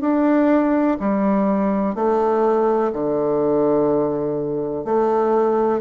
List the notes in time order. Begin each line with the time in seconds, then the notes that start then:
0.00 D4
0.99 G3
1.94 A3
2.92 D3
4.84 A3